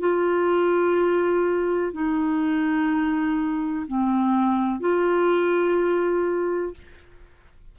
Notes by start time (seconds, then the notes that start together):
0.00 F4
1.93 D#4
3.87 C4
4.80 F4